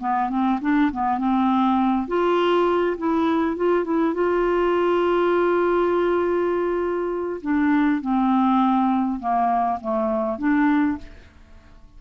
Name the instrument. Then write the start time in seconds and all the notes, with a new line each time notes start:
clarinet
0.00 B3
0.29 C4
0.61 D4
0.92 B3
1.18 C4
2.08 F4
2.97 E4
3.56 F4
3.84 E4
4.14 F4
7.41 D4
8.01 C4
9.19 A#3
9.81 A3
10.38 D4